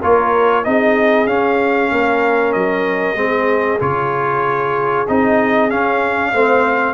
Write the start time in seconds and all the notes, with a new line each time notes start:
0.00 A#3 F4 A#4 C#5
0.64 C4 D#4 G#4 D#5
1.27 C#4 F5
1.91 A#3 A#4
2.52 F#3 D#5
3.15 G#3 C4 G#4
3.80 C#3 F4 C#5
5.08 C4 D#4 D#5
5.70 C#4 F5
6.32 A3 C4 C5